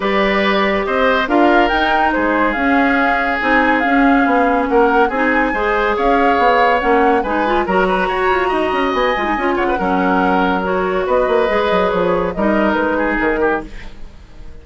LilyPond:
<<
  \new Staff \with { instrumentName = "flute" } { \time 4/4 \tempo 4 = 141 d''2 dis''4 f''4 | g''4 c''4 f''2 | gis''4 f''2 fis''4 | gis''2 f''2 |
fis''4 gis''4 ais''2~ | ais''4 gis''4. fis''4.~ | fis''4 cis''4 dis''2 | cis''4 dis''4 b'4 ais'4 | }
  \new Staff \with { instrumentName = "oboe" } { \time 4/4 b'2 c''4 ais'4~ | ais'4 gis'2.~ | gis'2. ais'4 | gis'4 c''4 cis''2~ |
cis''4 b'4 ais'8 b'8 cis''4 | dis''2~ dis''8 cis''16 b'16 ais'4~ | ais'2 b'2~ | b'4 ais'4. gis'4 g'8 | }
  \new Staff \with { instrumentName = "clarinet" } { \time 4/4 g'2. f'4 | dis'2 cis'2 | dis'4 cis'2. | dis'4 gis'2. |
cis'4 dis'8 f'8 fis'2~ | fis'4. f'16 dis'16 f'4 cis'4~ | cis'4 fis'2 gis'4~ | gis'4 dis'2. | }
  \new Staff \with { instrumentName = "bassoon" } { \time 4/4 g2 c'4 d'4 | dis'4 gis4 cis'2 | c'4 cis'4 b4 ais4 | c'4 gis4 cis'4 b4 |
ais4 gis4 fis4 fis'8 f'8 | dis'8 cis'8 b8 gis8 cis'8 cis8 fis4~ | fis2 b8 ais8 gis8 fis8 | f4 g4 gis4 dis4 | }
>>